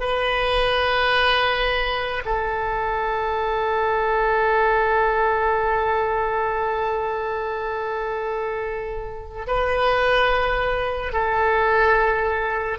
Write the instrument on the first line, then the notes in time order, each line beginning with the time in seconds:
oboe
0.00 B4
2.25 A4
9.47 B4
11.12 A4